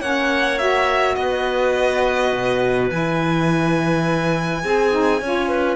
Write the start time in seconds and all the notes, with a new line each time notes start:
0.00 A#3 C#4 C#5 F#5
0.58 F#4 E5
1.15 B3 B4 D#5
2.32 B2
2.89 E3 E4 G#5
4.62 C4 G#4
4.91 D#4
5.21 C#4 F4 C#5
5.48 B4